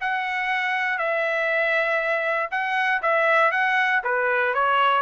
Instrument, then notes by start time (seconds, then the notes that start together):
trumpet
0.00 F#5
0.98 E5
2.51 F#5
3.02 E5
3.51 F#5
4.03 B4
4.54 C#5